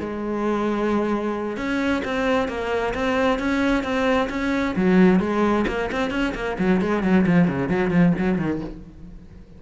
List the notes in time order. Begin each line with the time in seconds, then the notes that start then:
0.00 G#3
1.57 C#4
2.05 C4
2.48 A#3
2.94 C4
3.39 C#4
3.83 C4
4.29 C#4
4.76 F#3
5.20 G#3
5.68 A#3
5.92 C4
6.11 C#4
6.35 A#3
6.59 F#3
6.81 G#3
7.03 F#3
7.26 F3
7.48 C#3
7.69 F#3
7.90 F3
8.18 F#3
8.38 D#3